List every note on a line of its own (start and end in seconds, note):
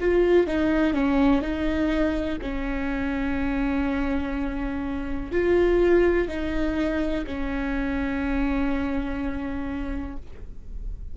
0.00 0.47 F4
0.47 0.94 D#4
0.94 1.42 C#4
1.42 2.38 D#4
2.41 5.32 C#4
5.32 6.28 F4
6.28 7.25 D#4
7.27 10.17 C#4